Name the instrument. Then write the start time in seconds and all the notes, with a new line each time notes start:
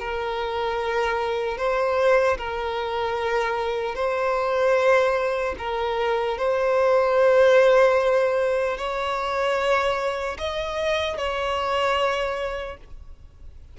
violin
0.00 A#4
1.58 C5
2.38 A#4
3.95 C5
5.59 A#4
6.38 C5
8.78 C#5
10.39 D#5
11.18 C#5